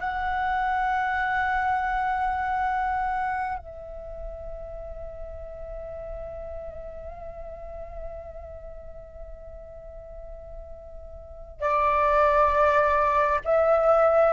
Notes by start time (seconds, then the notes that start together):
0.00 F#5
3.58 E5
11.61 D5
13.45 E5